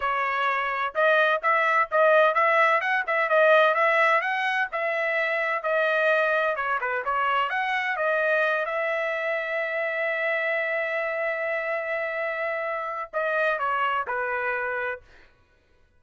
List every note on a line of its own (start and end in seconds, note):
0.00 0.94 C#5
0.94 1.41 D#5
1.42 1.89 E5
1.91 2.34 D#5
2.34 2.80 E5
2.80 3.04 F#5
3.06 3.29 E5
3.29 3.74 D#5
3.74 4.21 E5
4.21 4.68 F#5
4.72 5.62 E5
5.62 6.55 D#5
6.55 6.79 C#5
6.80 7.04 B4
7.04 7.49 C#5
7.49 7.96 F#5
7.96 8.65 D#5
8.65 13.10 E5
13.13 13.58 D#5
13.58 14.05 C#5
14.07 15.00 B4